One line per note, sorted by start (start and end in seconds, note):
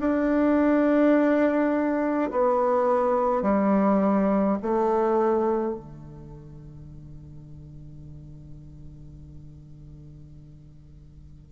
0.00 2.31 D4
2.31 3.42 B3
3.42 4.58 G3
4.63 5.75 A3
5.75 11.52 D3